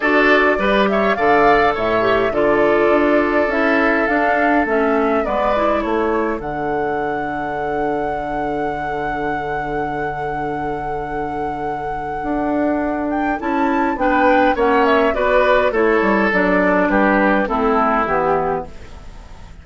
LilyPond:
<<
  \new Staff \with { instrumentName = "flute" } { \time 4/4 \tempo 4 = 103 d''4. e''8 f''4 e''4 | d''2 e''4 f''4 | e''4 d''4 cis''4 fis''4~ | fis''1~ |
fis''1~ | fis''2~ fis''8 g''8 a''4 | g''4 fis''8 e''8 d''4 cis''4 | d''4 b'4 a'4 g'4 | }
  \new Staff \with { instrumentName = "oboe" } { \time 4/4 a'4 b'8 cis''8 d''4 cis''4 | a'1~ | a'4 b'4 a'2~ | a'1~ |
a'1~ | a'1 | b'4 cis''4 b'4 a'4~ | a'4 g'4 e'2 | }
  \new Staff \with { instrumentName = "clarinet" } { \time 4/4 fis'4 g'4 a'4. g'8 | f'2 e'4 d'4 | cis'4 b8 e'4. d'4~ | d'1~ |
d'1~ | d'2. e'4 | d'4 cis'4 fis'4 e'4 | d'2 c'4 b4 | }
  \new Staff \with { instrumentName = "bassoon" } { \time 4/4 d'4 g4 d4 a,4 | d4 d'4 cis'4 d'4 | a4 gis4 a4 d4~ | d1~ |
d1~ | d4 d'2 cis'4 | b4 ais4 b4 a8 g8 | fis4 g4 a4 e4 | }
>>